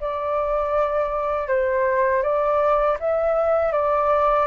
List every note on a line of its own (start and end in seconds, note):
0.00 1.47 D5
1.47 2.22 C5
2.22 2.97 D5
2.99 3.72 E5
3.72 4.47 D5